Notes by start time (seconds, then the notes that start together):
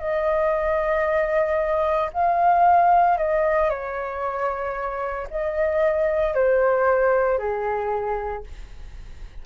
0.00 D#5
2.13 F5
3.18 D#5
3.70 C#5
5.31 D#5
6.34 C5
7.39 G#4